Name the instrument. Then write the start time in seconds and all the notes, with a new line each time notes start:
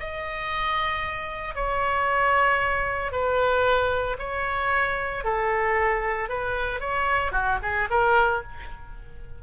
oboe
0.00 D#5
1.55 C#5
3.12 B4
4.19 C#5
5.24 A4
6.29 B4
6.81 C#5
7.32 F#4
7.62 G#4
7.90 A#4